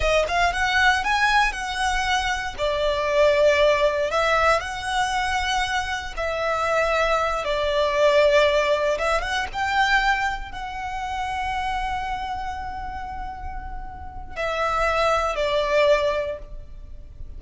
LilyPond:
\new Staff \with { instrumentName = "violin" } { \time 4/4 \tempo 4 = 117 dis''8 f''8 fis''4 gis''4 fis''4~ | fis''4 d''2. | e''4 fis''2. | e''2~ e''8 d''4.~ |
d''4. e''8 fis''8 g''4.~ | g''8 fis''2.~ fis''8~ | fis''1 | e''2 d''2 | }